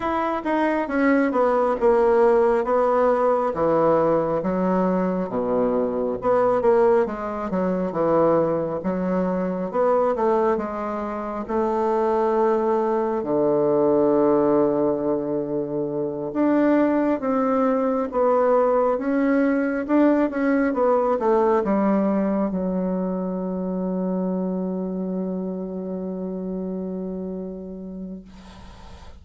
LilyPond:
\new Staff \with { instrumentName = "bassoon" } { \time 4/4 \tempo 4 = 68 e'8 dis'8 cis'8 b8 ais4 b4 | e4 fis4 b,4 b8 ais8 | gis8 fis8 e4 fis4 b8 a8 | gis4 a2 d4~ |
d2~ d8 d'4 c'8~ | c'8 b4 cis'4 d'8 cis'8 b8 | a8 g4 fis2~ fis8~ | fis1 | }